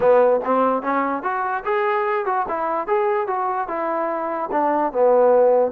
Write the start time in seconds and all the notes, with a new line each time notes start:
0.00 B3
0.44 C4
0.82 C#4
1.22 F#4
1.64 G#4
2.25 F#4
2.48 E4
2.87 G#4
3.27 F#4
3.67 E4
4.51 D4
4.92 B3